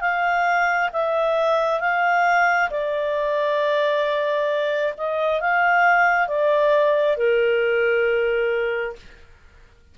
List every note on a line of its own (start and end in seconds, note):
0.00 0.90 F5
0.92 1.80 E5
1.80 2.69 F5
2.70 4.94 D5
4.97 5.40 D#5
5.40 6.27 F5
6.27 7.16 D5
7.16 8.96 A#4